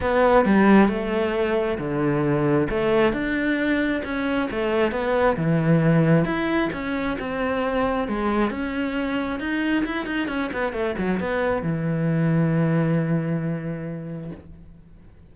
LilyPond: \new Staff \with { instrumentName = "cello" } { \time 4/4 \tempo 4 = 134 b4 g4 a2 | d2 a4 d'4~ | d'4 cis'4 a4 b4 | e2 e'4 cis'4 |
c'2 gis4 cis'4~ | cis'4 dis'4 e'8 dis'8 cis'8 b8 | a8 fis8 b4 e2~ | e1 | }